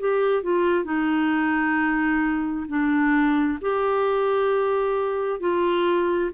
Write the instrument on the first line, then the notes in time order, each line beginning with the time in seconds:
clarinet
0.00 G4
0.43 F4
0.85 D#4
2.68 D4
3.62 G4
5.40 F4